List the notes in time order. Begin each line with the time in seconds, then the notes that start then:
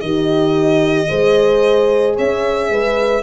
0.00 D#3 D#4 G4 D#5
1.07 G#3 G#4 C5
2.15 C#4 C#5 E5
2.70 G#3 B4